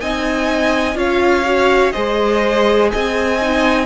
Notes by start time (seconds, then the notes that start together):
0.00 C4 D#4 D#5 G#5
0.95 C#4 F4 C#5 F5
1.45 F#4
1.92 G#3 G#4 C5 D#5
2.92 C4 D#5 G#5
3.41 D#4